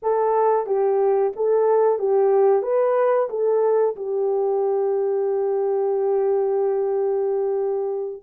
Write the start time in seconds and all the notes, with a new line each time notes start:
0.02 A4
0.66 G4
1.35 A4
1.98 G4
2.62 B4
3.29 A4
3.96 G4